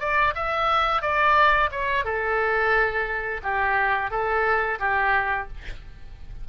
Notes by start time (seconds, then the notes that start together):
0.00 D5
0.36 E5
1.02 D5
1.72 C#5
2.05 A4
3.43 G4
4.11 A4
4.80 G4